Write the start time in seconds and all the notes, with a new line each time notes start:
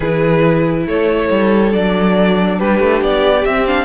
0.00 E3 E4 G#4 B4
0.86 A3 A4 C#5
1.30 G3
1.70 F#3 D4 D5
2.58 G3 G4 B4
2.80 A3
3.01 B3 D5
3.45 C4 E5
3.67 D4 F5